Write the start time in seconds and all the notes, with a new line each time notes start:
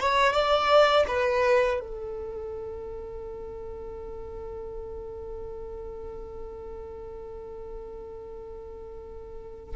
0.00 C#5
0.34 D5
1.08 B4
1.80 A4